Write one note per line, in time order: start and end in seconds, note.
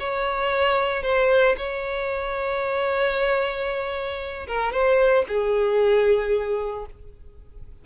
0.00 1.03 C#5
1.03 1.56 C5
1.57 4.47 C#5
4.47 4.72 A#4
4.72 5.25 C5
5.28 6.86 G#4